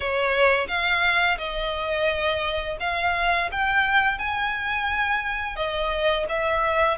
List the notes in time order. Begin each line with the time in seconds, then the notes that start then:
0.00 C#5
0.68 F5
1.38 D#5
2.80 F5
3.51 G5
4.18 G#5
5.56 D#5
6.29 E5